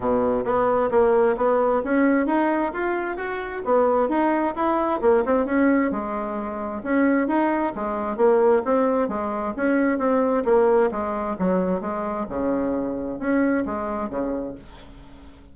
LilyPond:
\new Staff \with { instrumentName = "bassoon" } { \time 4/4 \tempo 4 = 132 b,4 b4 ais4 b4 | cis'4 dis'4 f'4 fis'4 | b4 dis'4 e'4 ais8 c'8 | cis'4 gis2 cis'4 |
dis'4 gis4 ais4 c'4 | gis4 cis'4 c'4 ais4 | gis4 fis4 gis4 cis4~ | cis4 cis'4 gis4 cis4 | }